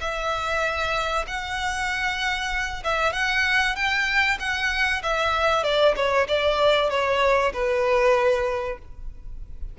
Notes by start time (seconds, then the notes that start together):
0.00 E5
1.27 F#5
2.84 E5
3.13 F#5
3.75 G5
4.39 F#5
5.03 E5
5.63 D5
5.96 C#5
6.28 D5
6.90 C#5
7.53 B4